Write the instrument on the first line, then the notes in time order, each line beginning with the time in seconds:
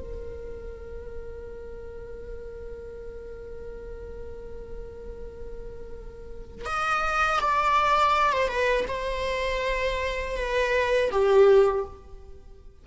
viola
0.00 A#4
6.66 D#5
7.41 D5
8.33 C5
8.48 B4
8.89 C5
10.37 B4
11.12 G4